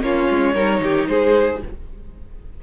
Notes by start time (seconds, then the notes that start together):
0.00 A#3 C#4 F4 C#5
0.29 G#3
0.54 G3 D#4 A#4
0.80 D#3 G4
1.07 G#3 G#4 C5